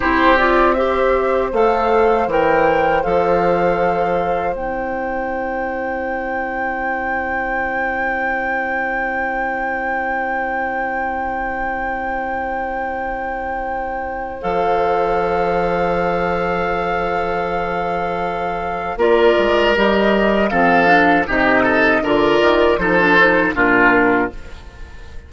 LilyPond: <<
  \new Staff \with { instrumentName = "flute" } { \time 4/4 \tempo 4 = 79 c''8 d''8 e''4 f''4 g''4 | f''2 g''2~ | g''1~ | g''1~ |
g''2. f''4~ | f''1~ | f''4 d''4 dis''4 f''4 | dis''4 d''4 c''4 ais'4 | }
  \new Staff \with { instrumentName = "oboe" } { \time 4/4 g'4 c''2.~ | c''1~ | c''1~ | c''1~ |
c''1~ | c''1~ | c''4 ais'2 a'4 | g'8 a'8 ais'4 a'4 f'4 | }
  \new Staff \with { instrumentName = "clarinet" } { \time 4/4 e'8 f'8 g'4 a'4 ais'4 | a'2 e'2~ | e'1~ | e'1~ |
e'2. a'4~ | a'1~ | a'4 f'4 g'4 c'8 d'8 | dis'4 f'4 dis'16 d'16 dis'8 d'4 | }
  \new Staff \with { instrumentName = "bassoon" } { \time 4/4 c'2 a4 e4 | f2 c'2~ | c'1~ | c'1~ |
c'2. f4~ | f1~ | f4 ais8 gis8 g4 f4 | c4 d8 dis8 f4 ais,4 | }
>>